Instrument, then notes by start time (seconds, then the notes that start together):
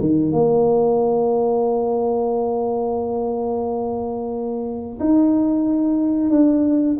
tuba
0.00 D#3
0.32 A#3
5.00 D#4
6.30 D4